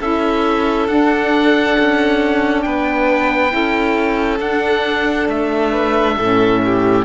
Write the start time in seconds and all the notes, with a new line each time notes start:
0.00 C#4 E4 A4 E5
0.88 D4 F#5
1.79 C#4
2.62 B3 B4 G5
3.49 C#4 E4 A4
4.40 D4 F#5
5.29 A3 E5
5.71 B4
6.18 A2 C#4 A4
6.65 G4